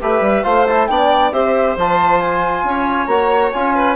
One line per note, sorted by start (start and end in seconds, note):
0.00 0.20 A3
0.00 0.43 G4
0.00 0.43 B4
0.00 0.44 E5
0.20 0.42 G3
0.43 0.89 A3
0.43 0.66 F4
0.43 0.88 C5
0.43 0.66 F5
0.66 0.89 E4
0.66 0.87 A5
0.87 1.32 B3
0.87 1.32 D4
0.87 1.33 D5
0.87 1.31 G5
1.32 1.76 C4
1.32 1.76 G4
1.32 2.65 C5
1.32 1.76 E5
1.76 2.63 F3
1.76 3.08 F4
1.76 2.21 A5
2.21 3.06 G#5
2.63 3.07 C#4
2.63 3.75 C#5
3.06 3.51 A#3
3.06 3.52 F#4
3.06 3.51 A#5
3.52 3.95 C#4
3.52 3.95 F4
3.52 3.95 G#5
3.75 3.95 B4